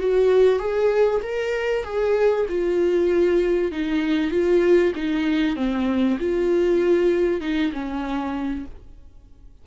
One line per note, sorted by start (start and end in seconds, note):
0.00 0.60 F#4
0.60 1.21 G#4
1.23 1.84 A#4
1.84 2.46 G#4
2.49 3.72 F4
3.72 4.31 D#4
4.31 4.93 F4
4.95 5.56 D#4
5.56 6.18 C4
6.20 7.41 F4
7.41 7.72 D#4
7.73 8.65 C#4